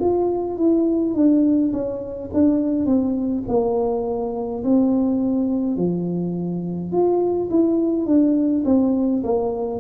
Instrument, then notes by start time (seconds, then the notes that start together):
tuba
0.00 F4
0.57 E4
1.14 D4
1.73 C#4
2.33 D4
2.86 C4
3.48 A#3
4.64 C4
5.76 F3
6.92 F4
7.50 E4
8.06 D4
8.65 C4
9.24 A#3